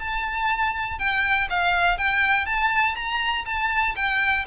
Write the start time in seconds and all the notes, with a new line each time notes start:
0.00 A5
0.99 G5
1.51 F5
1.98 G5
2.46 A5
2.96 A#5
3.46 A5
3.96 G5